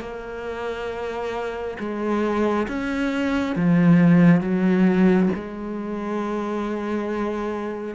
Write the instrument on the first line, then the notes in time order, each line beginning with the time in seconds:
cello
0.00 A#3
1.78 G#3
2.68 C#4
3.55 F3
4.40 F#3
5.35 G#3